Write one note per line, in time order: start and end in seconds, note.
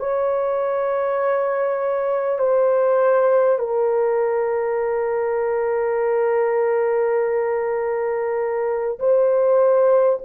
0.00 2.39 C#5
2.39 3.59 C5
3.59 8.99 A#4
8.99 10.19 C5